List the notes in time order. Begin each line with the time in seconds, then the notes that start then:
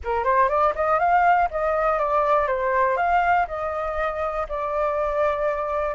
0.04 A#4
0.24 C5
0.48 D5
0.75 D#5
0.99 F5
1.50 D#5
1.98 D5
2.47 C5
2.96 F5
3.47 D#5
4.49 D5